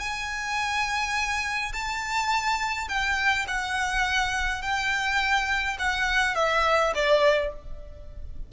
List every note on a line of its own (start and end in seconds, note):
0.00 1.73 G#5
1.73 2.89 A5
2.89 3.47 G5
3.48 4.63 F#5
4.63 5.78 G5
5.79 6.36 F#5
6.36 6.93 E5
6.95 7.53 D5